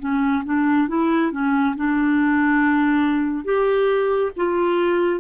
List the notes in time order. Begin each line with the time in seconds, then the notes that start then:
0.00 C#4
0.45 D4
0.88 E4
1.32 C#4
1.76 D4
3.45 G4
4.37 F4